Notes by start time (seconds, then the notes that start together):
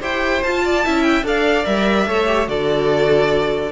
0.00 E4 G4 C5 G5
0.43 F4 A5
0.64 D5
0.84 C#4 E4 E5
1.03 G5
1.23 D4 A4 D5 F5
1.65 G3 A#4 E5
2.06 A3 A4 C#5
2.26 G4
2.46 D3 F#4 A4 D5